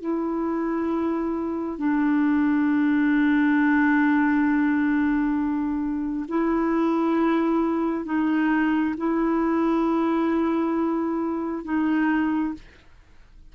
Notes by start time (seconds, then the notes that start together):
0.00 E4
1.78 D4
6.28 E4
8.05 D#4
8.97 E4
11.64 D#4